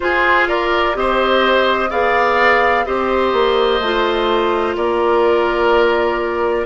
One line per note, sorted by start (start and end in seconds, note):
0.00 0.93 F4
0.00 0.95 F4
0.00 0.48 G#4
0.00 0.47 C5
0.48 0.96 A#4
0.48 0.95 D5
0.93 1.90 C4
0.93 1.88 G4
0.93 1.90 C5
0.93 1.90 D#5
1.90 2.86 B3
1.90 2.85 G#4
1.90 2.85 D5
1.90 2.85 F5
2.85 3.32 C4
2.85 3.81 G4
2.85 4.76 C5
2.85 4.76 D#5
3.32 3.80 A#3
3.80 4.75 A3
3.80 6.66 F4
4.76 6.66 A#3
4.76 6.66 A#4
4.76 6.66 D5